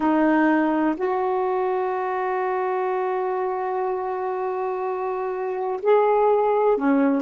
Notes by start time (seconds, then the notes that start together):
0.00 D#4
0.96 F#4
5.82 G#4
6.77 C#4